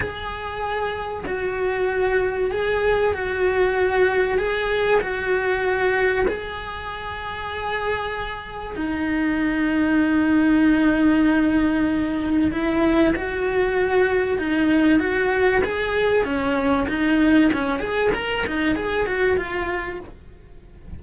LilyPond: \new Staff \with { instrumentName = "cello" } { \time 4/4 \tempo 4 = 96 gis'2 fis'2 | gis'4 fis'2 gis'4 | fis'2 gis'2~ | gis'2 dis'2~ |
dis'1 | e'4 fis'2 dis'4 | fis'4 gis'4 cis'4 dis'4 | cis'8 gis'8 ais'8 dis'8 gis'8 fis'8 f'4 | }